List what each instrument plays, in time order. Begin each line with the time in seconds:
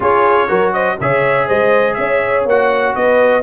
0.00 tuba C#4, trombone F4, horn G#4, trumpet C#5
0.48 tuba F#3, trombone F#4, horn A#4
0.73 horn C5, trumpet D#5
1.00 tuba C#3, trombone G#4, horn C#5, trumpet E5
1.47 tuba G#3, horn C5, trumpet D#5
1.94 tuba C#4, horn C#5, trumpet E5
2.45 tuba A#3, trombone F#4, trumpet F#5
2.95 tuba B3, horn B4, trumpet D#5